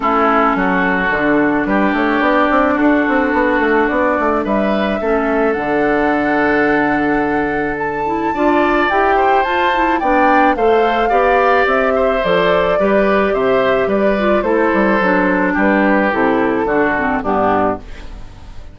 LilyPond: <<
  \new Staff \with { instrumentName = "flute" } { \time 4/4 \tempo 4 = 108 a'2. b'8 cis''8 | d''4 a'2 d''4 | e''2 fis''2~ | fis''2 a''2 |
g''4 a''4 g''4 f''4~ | f''4 e''4 d''2 | e''4 d''4 c''2 | b'4 a'2 g'4 | }
  \new Staff \with { instrumentName = "oboe" } { \time 4/4 e'4 fis'2 g'4~ | g'4 fis'2. | b'4 a'2.~ | a'2. d''4~ |
d''8 c''4. d''4 c''4 | d''4. c''4. b'4 | c''4 b'4 a'2 | g'2 fis'4 d'4 | }
  \new Staff \with { instrumentName = "clarinet" } { \time 4/4 cis'2 d'2~ | d'1~ | d'4 cis'4 d'2~ | d'2~ d'8 e'8 f'4 |
g'4 f'8 e'8 d'4 a'4 | g'2 a'4 g'4~ | g'4. f'8 e'4 d'4~ | d'4 e'4 d'8 c'8 b4 | }
  \new Staff \with { instrumentName = "bassoon" } { \time 4/4 a4 fis4 d4 g8 a8 | b8 c'8 d'8 c'8 b8 a8 b8 a8 | g4 a4 d2~ | d2. d'4 |
e'4 f'4 b4 a4 | b4 c'4 f4 g4 | c4 g4 a8 g8 fis4 | g4 c4 d4 g,4 | }
>>